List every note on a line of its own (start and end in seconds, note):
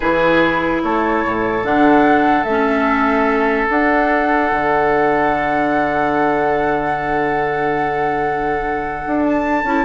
0.00 0.81 E3
0.00 1.63 E4
0.00 0.82 G#4
0.00 0.82 B4
0.83 1.24 A3
0.83 9.85 A4
0.83 1.64 C#5
1.24 1.63 A2
1.63 2.44 D3
1.63 2.45 D4
1.63 2.43 F#5
2.43 3.67 A3
2.43 3.67 C#4
2.43 3.67 E5
3.67 9.63 D4
3.67 4.51 D4
3.67 9.24 F#5
4.51 9.03 D3
9.06 9.63 D4
9.24 9.85 A5
9.63 9.84 C#4
9.63 9.85 E4